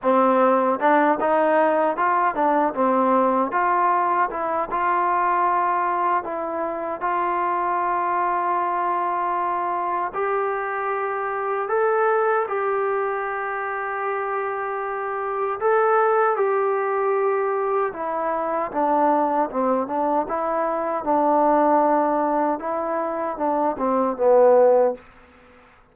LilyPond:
\new Staff \with { instrumentName = "trombone" } { \time 4/4 \tempo 4 = 77 c'4 d'8 dis'4 f'8 d'8 c'8~ | c'8 f'4 e'8 f'2 | e'4 f'2.~ | f'4 g'2 a'4 |
g'1 | a'4 g'2 e'4 | d'4 c'8 d'8 e'4 d'4~ | d'4 e'4 d'8 c'8 b4 | }